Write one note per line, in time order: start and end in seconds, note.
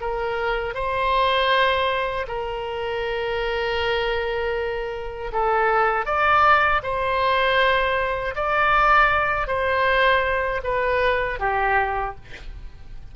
0.00 0.74 A#4
0.74 2.26 C5
2.28 5.31 A#4
5.32 6.05 A4
6.05 6.81 D5
6.83 8.35 C5
8.35 9.47 D5
9.47 10.61 C5
10.63 11.39 B4
11.39 12.15 G4